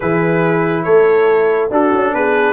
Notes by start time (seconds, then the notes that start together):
0.00 E3 E4 G#4 B4
0.83 A3 A4 C#5
1.70 D4 F#4 A4
1.93 C#4
2.14 B3 G#4 B4